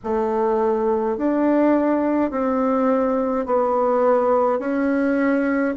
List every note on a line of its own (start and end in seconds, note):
0.03 1.17 A3
1.17 2.30 D4
2.30 3.46 C4
3.46 4.59 B3
4.59 5.74 C#4